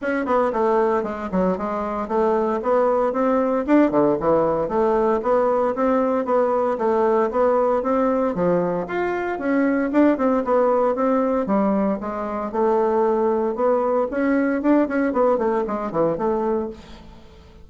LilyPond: \new Staff \with { instrumentName = "bassoon" } { \time 4/4 \tempo 4 = 115 cis'8 b8 a4 gis8 fis8 gis4 | a4 b4 c'4 d'8 d8 | e4 a4 b4 c'4 | b4 a4 b4 c'4 |
f4 f'4 cis'4 d'8 c'8 | b4 c'4 g4 gis4 | a2 b4 cis'4 | d'8 cis'8 b8 a8 gis8 e8 a4 | }